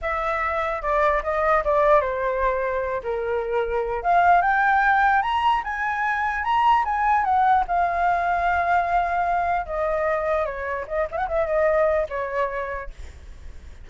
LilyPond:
\new Staff \with { instrumentName = "flute" } { \time 4/4 \tempo 4 = 149 e''2 d''4 dis''4 | d''4 c''2~ c''8 ais'8~ | ais'2 f''4 g''4~ | g''4 ais''4 gis''2 |
ais''4 gis''4 fis''4 f''4~ | f''1 | dis''2 cis''4 dis''8 e''16 fis''16 | e''8 dis''4. cis''2 | }